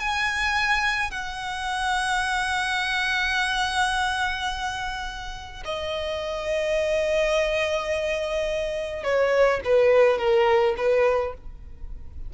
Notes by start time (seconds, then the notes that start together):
0.00 G#5
1.11 F#5
5.65 D#5
9.04 C#5
9.65 B4
10.18 A#4
10.78 B4